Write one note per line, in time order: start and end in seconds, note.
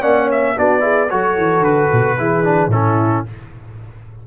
0.00 0.56 A#3
0.00 0.55 C#4
0.00 0.25 D5
0.00 0.29 F#5
0.25 0.52 C#5
0.31 0.58 E5
0.56 1.11 B3
0.56 0.80 D4
0.56 0.82 F#4
0.56 1.10 D5
0.80 1.07 E4
0.80 1.09 G#4
1.10 1.37 F#3
1.10 2.18 F#4
1.10 2.18 A4
1.10 1.63 C#5
1.37 1.59 E3
1.59 1.86 D3
1.59 2.71 B4
1.92 2.18 B2
2.18 2.67 E3
2.18 2.44 E4
2.18 2.72 G#4
2.44 2.71 D4
2.67 3.21 A2
2.67 3.26 C#4
2.67 3.26 E4
2.67 3.25 A4